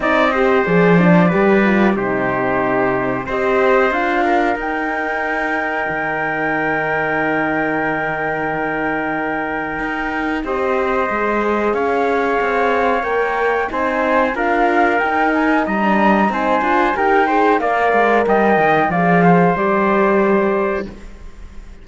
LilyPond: <<
  \new Staff \with { instrumentName = "flute" } { \time 4/4 \tempo 4 = 92 dis''4 d''2 c''4~ | c''4 dis''4 f''4 g''4~ | g''1~ | g''1 |
dis''2 f''2 | g''4 gis''4 f''4 g''8 gis''8 | ais''4 gis''4 g''4 f''4 | g''4 f''4 d''2 | }
  \new Staff \with { instrumentName = "trumpet" } { \time 4/4 d''8 c''4. b'4 g'4~ | g'4 c''4. ais'4.~ | ais'1~ | ais'1 |
c''2 cis''2~ | cis''4 c''4 ais'2 | dis''4 c''4 ais'8 c''8 d''4 | dis''4 d''8 c''2~ c''8 | }
  \new Staff \with { instrumentName = "horn" } { \time 4/4 dis'8 g'8 gis'8 d'8 g'8 f'8 dis'4~ | dis'4 g'4 f'4 dis'4~ | dis'1~ | dis'1 |
g'4 gis'2. | ais'4 dis'4 f'4 dis'4~ | dis'16 d'8. dis'8 f'8 g'8 gis'8 ais'4~ | ais'4 gis'4 g'2 | }
  \new Staff \with { instrumentName = "cello" } { \time 4/4 c'4 f4 g4 c4~ | c4 c'4 d'4 dis'4~ | dis'4 dis2.~ | dis2. dis'4 |
c'4 gis4 cis'4 c'4 | ais4 c'4 d'4 dis'4 | g4 c'8 d'8 dis'4 ais8 gis8 | g8 dis8 f4 g2 | }
>>